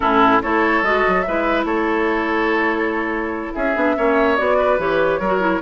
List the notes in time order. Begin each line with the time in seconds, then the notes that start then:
0.00 A2 C#4 E4 A4
0.42 A3 E4 A4 C#5
0.82 G#3 F#4 D#5
1.07 F#3
1.22 G#3 E4 B4 E5
1.64 A3 A4 C#5
3.54 C#4 G#4 E5
3.75 B3 D4
3.96 A#3 C#4 C#5
4.36 B3 F#4 D5
4.57 B4
4.78 E3 G4 C#5
5.19 F#3 A#4
5.25 F#4
5.40 E4